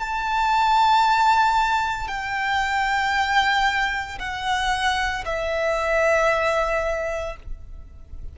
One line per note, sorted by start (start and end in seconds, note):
0.00 2.09 A5
2.09 4.19 G5
4.20 5.25 F#5
5.26 7.36 E5